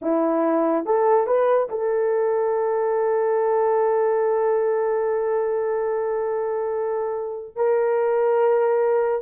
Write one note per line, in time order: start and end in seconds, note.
0.01 0.85 E4
0.85 1.26 A4
1.26 1.68 B4
1.69 7.56 A4
7.56 9.22 A#4